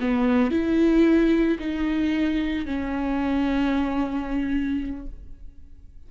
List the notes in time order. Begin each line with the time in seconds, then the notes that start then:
0.00 B3
0.51 E4
1.59 D#4
2.66 C#4